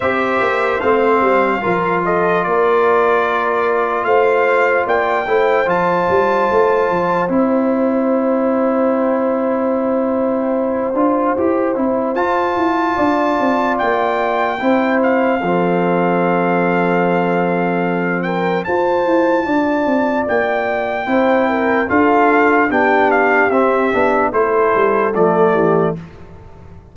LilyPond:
<<
  \new Staff \with { instrumentName = "trumpet" } { \time 4/4 \tempo 4 = 74 e''4 f''4. dis''8 d''4~ | d''4 f''4 g''4 a''4~ | a''4 g''2.~ | g''2. a''4~ |
a''4 g''4. f''4.~ | f''2~ f''8 g''8 a''4~ | a''4 g''2 f''4 | g''8 f''8 e''4 c''4 d''4 | }
  \new Staff \with { instrumentName = "horn" } { \time 4/4 c''2 ais'8 a'8 ais'4~ | ais'4 c''4 d''8 c''4.~ | c''1~ | c''1 |
d''2 c''4 a'4~ | a'2~ a'8 ais'8 c''4 | d''2 c''8 ais'8 a'4 | g'2 a'4. g'8 | }
  \new Staff \with { instrumentName = "trombone" } { \time 4/4 g'4 c'4 f'2~ | f'2~ f'8 e'8 f'4~ | f'4 e'2.~ | e'4. f'8 g'8 e'8 f'4~ |
f'2 e'4 c'4~ | c'2. f'4~ | f'2 e'4 f'4 | d'4 c'8 d'8 e'4 a4 | }
  \new Staff \with { instrumentName = "tuba" } { \time 4/4 c'8 ais8 a8 g8 f4 ais4~ | ais4 a4 ais8 a8 f8 g8 | a8 f8 c'2.~ | c'4. d'8 e'8 c'8 f'8 e'8 |
d'8 c'8 ais4 c'4 f4~ | f2. f'8 e'8 | d'8 c'8 ais4 c'4 d'4 | b4 c'8 b8 a8 g8 f8 e8 | }
>>